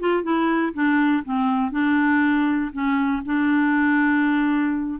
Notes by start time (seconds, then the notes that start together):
0.00 F4
0.23 E4
0.74 D4
1.25 C4
1.72 D4
2.73 C#4
3.26 D4